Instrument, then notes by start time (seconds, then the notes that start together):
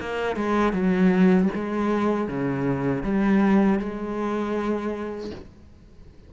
cello
0.00 A#3
0.36 G#3
0.73 F#3
1.55 G#3
2.28 C#3
3.03 G3
3.79 G#3